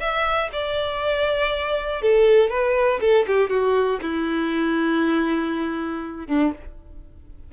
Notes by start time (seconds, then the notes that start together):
0.00 E5
0.53 D5
2.02 A4
2.50 B4
3.01 A4
3.27 G4
3.50 F#4
4.02 E4
6.27 D4